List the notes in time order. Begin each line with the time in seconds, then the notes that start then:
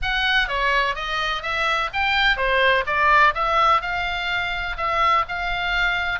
0.02 F#5
0.47 C#5
0.95 D#5
1.42 E5
1.93 G5
2.37 C5
2.86 D5
3.34 E5
3.81 F5
4.77 E5
5.28 F5